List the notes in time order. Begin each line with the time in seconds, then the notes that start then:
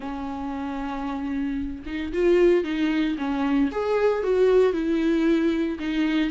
0.00 C#4
1.86 D#4
2.12 F4
2.64 D#4
3.18 C#4
3.71 G#4
4.23 F#4
4.72 E4
5.79 D#4